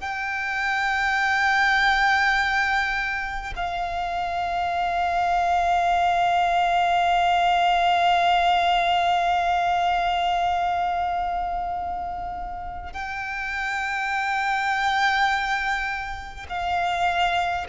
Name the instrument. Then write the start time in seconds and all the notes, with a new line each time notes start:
violin
0.00 G5
3.56 F5
12.93 G5
16.49 F5